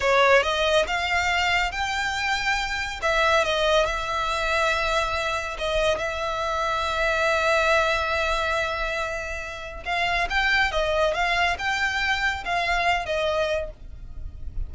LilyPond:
\new Staff \with { instrumentName = "violin" } { \time 4/4 \tempo 4 = 140 cis''4 dis''4 f''2 | g''2. e''4 | dis''4 e''2.~ | e''4 dis''4 e''2~ |
e''1~ | e''2. f''4 | g''4 dis''4 f''4 g''4~ | g''4 f''4. dis''4. | }